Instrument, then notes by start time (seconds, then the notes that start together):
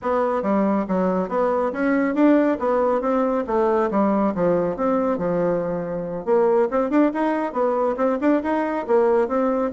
bassoon
0.02 B3
0.42 G3
0.88 F#3
1.28 B3
1.72 C#4
2.14 D4
2.59 B3
3.01 C4
3.46 A3
3.90 G3
4.34 F3
4.76 C4
5.17 F3
6.25 A#3
6.70 C4
6.90 D4
7.13 D#4
7.52 B3
7.96 C4
8.20 D4
8.42 D#4
8.87 A#3
9.28 C4